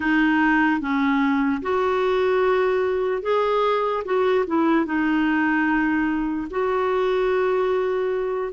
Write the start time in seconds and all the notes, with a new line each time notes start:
0.00 D#4
0.80 C#4
1.62 F#4
3.22 G#4
4.04 F#4
4.46 E4
4.85 D#4
6.50 F#4